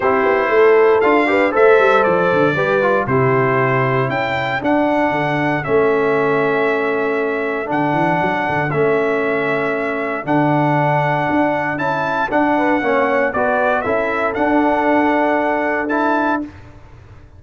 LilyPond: <<
  \new Staff \with { instrumentName = "trumpet" } { \time 4/4 \tempo 4 = 117 c''2 f''4 e''4 | d''2 c''2 | g''4 fis''2 e''4~ | e''2. fis''4~ |
fis''4 e''2. | fis''2. a''4 | fis''2 d''4 e''4 | fis''2. a''4 | }
  \new Staff \with { instrumentName = "horn" } { \time 4/4 g'4 a'4. b'8 c''4~ | c''4 b'4 g'2 | a'1~ | a'1~ |
a'1~ | a'1~ | a'8 b'8 cis''4 b'4 a'4~ | a'1 | }
  \new Staff \with { instrumentName = "trombone" } { \time 4/4 e'2 f'8 g'8 a'4~ | a'4 g'8 f'8 e'2~ | e'4 d'2 cis'4~ | cis'2. d'4~ |
d'4 cis'2. | d'2. e'4 | d'4 cis'4 fis'4 e'4 | d'2. e'4 | }
  \new Staff \with { instrumentName = "tuba" } { \time 4/4 c'8 b8 a4 d'4 a8 g8 | f8 d8 g4 c2 | cis'4 d'4 d4 a4~ | a2. d8 e8 |
fis8 d8 a2. | d2 d'4 cis'4 | d'4 ais4 b4 cis'4 | d'1 | }
>>